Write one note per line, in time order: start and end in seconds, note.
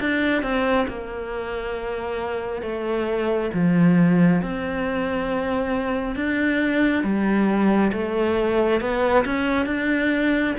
0.00 0.42 D4
0.42 0.86 C4
0.88 2.62 A#3
2.62 3.50 A3
3.54 4.42 F3
4.42 6.16 C4
6.16 7.03 D4
7.03 7.92 G3
7.93 8.81 A3
8.81 9.25 B3
9.25 9.66 C#4
9.66 10.54 D4